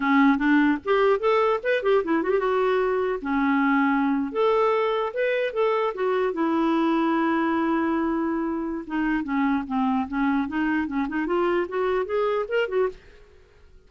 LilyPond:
\new Staff \with { instrumentName = "clarinet" } { \time 4/4 \tempo 4 = 149 cis'4 d'4 g'4 a'4 | b'8 g'8 e'8 fis'16 g'16 fis'2 | cis'2~ cis'8. a'4~ a'16~ | a'8. b'4 a'4 fis'4 e'16~ |
e'1~ | e'2 dis'4 cis'4 | c'4 cis'4 dis'4 cis'8 dis'8 | f'4 fis'4 gis'4 ais'8 fis'8 | }